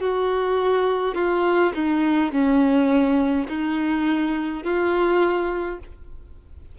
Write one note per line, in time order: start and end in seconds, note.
0.00 1.14 F#4
1.14 1.72 F4
1.74 2.32 D#4
2.32 3.47 C#4
3.48 4.63 D#4
4.63 5.78 F4